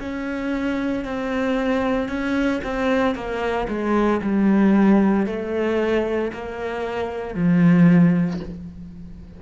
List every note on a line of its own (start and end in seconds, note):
0.00 1.05 C#4
1.05 2.09 C4
2.09 2.61 C#4
2.64 3.15 C4
3.15 3.68 A#3
3.68 4.21 G#3
4.22 5.26 G3
5.26 6.32 A3
6.33 7.35 A#3
7.35 8.40 F3